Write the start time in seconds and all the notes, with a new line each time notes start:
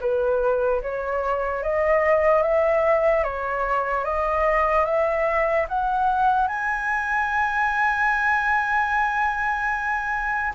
0.00 B4
0.81 C#5
1.63 D#5
2.42 E5
3.23 C#5
4.04 D#5
4.85 E5
5.68 F#5
6.47 G#5